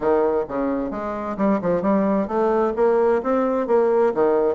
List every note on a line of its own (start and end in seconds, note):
0.00 0.45 D#3
0.48 0.91 C#3
0.91 1.36 G#3
1.37 1.60 G3
1.61 1.82 F3
1.82 2.27 G3
2.27 2.73 A3
2.76 3.22 A#3
3.22 3.67 C4
3.67 4.13 A#3
4.14 4.55 D#3